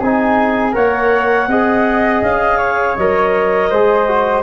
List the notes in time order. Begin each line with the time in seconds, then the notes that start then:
0.00 C4 D#4 G#4 G#5
0.71 A#3 A#4 C#5 F#5
1.47 C4 G#4 D#5
2.21 C#4 F5
2.58 C#5
2.96 F#3 A#4 D#5
3.69 G#3 G#4 C5
4.08 F#4